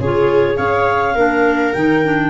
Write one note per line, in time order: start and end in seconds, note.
0.00 0.58 C#3
0.00 0.56 F4
0.00 0.58 G#4
0.00 0.57 C#5
0.56 1.16 C#4
0.56 1.14 G#4
0.56 1.15 C#5
0.56 1.73 F5
1.15 1.74 A#3
1.15 1.75 D4
1.15 2.30 A#4
1.73 2.30 D#3
1.73 2.04 D#4
1.73 2.30 G5
2.04 2.30 D4